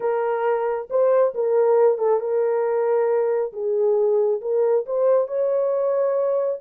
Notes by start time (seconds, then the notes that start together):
0.00 A#4
0.89 C5
1.34 A#4
1.98 A4
2.20 A#4
3.52 G#4
4.41 A#4
4.85 C5
5.27 C#5